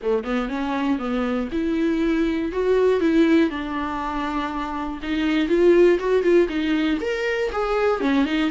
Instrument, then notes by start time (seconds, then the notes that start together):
viola
0.02 A3
0.23 B3
0.48 C#4
0.98 B3
1.52 E4
2.52 F#4
3.00 E4
3.50 D4
5.02 D#4
5.48 F4
5.99 F#4
6.22 F4
6.48 D#4
7.00 A#4
7.51 G#4
8.00 C#4
8.25 D#4